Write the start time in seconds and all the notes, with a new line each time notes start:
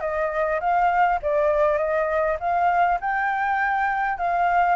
0.00 D#5
0.60 F5
1.22 D5
1.77 D#5
2.40 F5
3.00 G5
4.18 F5